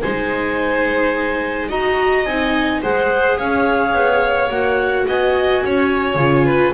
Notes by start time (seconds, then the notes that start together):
0.00 G#3 D#4 C5 G#5
1.68 D#4 F#4 D#5 A#5
2.25 C4 D#4 G#5
2.82 G#3 G#4 C5 F#5
3.37 C#4 C#5 F5
3.93 B3
4.50 A#3 F#4 F#5
5.07 B3 D#5 G#5
5.65 C#4 C#5
6.15 C#3 F4
6.45 B4